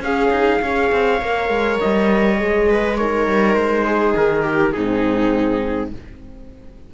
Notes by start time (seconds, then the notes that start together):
0.00 C#4 G#4 F5
0.31 D#4
0.62 C#4 G#4 C#5
0.92 C4
1.22 A#3 A#4
1.49 G#3
1.81 G3 D#5
2.37 G#3 G#4
2.69 B4
2.97 D#4 A#4 C#5
3.27 G3
3.54 G#3 C5
3.86 G#4
4.16 D#3 A#4
4.43 G4
4.73 G#2 C4 D#4 G#4